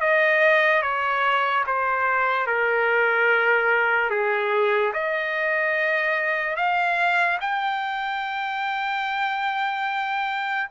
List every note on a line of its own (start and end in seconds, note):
0.00 0.82 D#5
0.82 1.64 C#5
1.66 2.47 C5
2.47 4.10 A#4
4.10 4.92 G#4
4.93 6.56 D#5
6.56 7.38 F5
7.40 10.69 G5